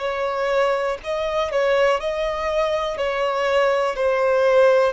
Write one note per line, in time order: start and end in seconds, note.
0.00 0.98 C#5
1.04 1.52 D#5
1.52 2.00 C#5
2.00 2.98 D#5
2.98 3.96 C#5
3.96 4.93 C5